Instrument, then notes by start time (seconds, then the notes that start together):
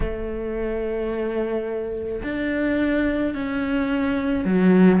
cello
0.00 A3
2.23 D4
3.34 C#4
4.44 F#3